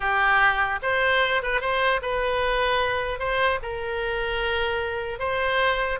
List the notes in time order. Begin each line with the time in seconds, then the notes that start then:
0.00 G4
0.82 C5
1.42 B4
1.61 C5
2.01 B4
3.19 C5
3.62 A#4
5.19 C5